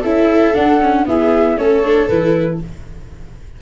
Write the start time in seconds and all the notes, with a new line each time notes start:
0.00 C#4 E4 A4 E5
0.54 D4 F#5
0.80 C#4
1.05 B3 E4 G#4 E5
1.57 A3 C#4 A4 C#5
1.84 D4
2.08 E3 E4 B4